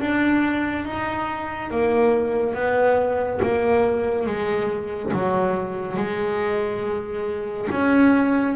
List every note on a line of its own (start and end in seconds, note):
0.00 0.85 D4
0.85 1.71 D#4
1.71 2.54 A#3
2.54 3.40 B3
3.42 4.26 A#3
4.26 5.12 G#3
5.13 5.96 F#3
5.96 7.68 G#3
7.71 8.56 C#4